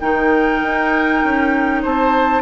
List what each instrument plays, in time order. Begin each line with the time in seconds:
0.00 bassoon D#3, clarinet D#4, oboe A#4, flute G5
0.62 bassoon D#4
1.23 bassoon C#4
1.82 bassoon C4, oboe C5, flute A5